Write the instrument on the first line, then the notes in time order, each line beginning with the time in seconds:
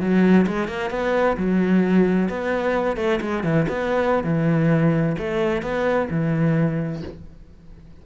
cello
0.00 F#3
0.47 G#3
0.68 A#3
0.90 B3
1.37 F#3
2.29 B3
2.96 A3
3.21 G#3
3.43 E3
3.68 B3
4.24 E3
5.18 A3
5.62 B3
6.10 E3